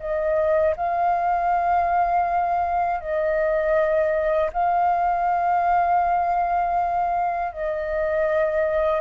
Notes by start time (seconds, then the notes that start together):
0.00 D#5
0.77 F5
3.01 D#5
4.53 F5
7.53 D#5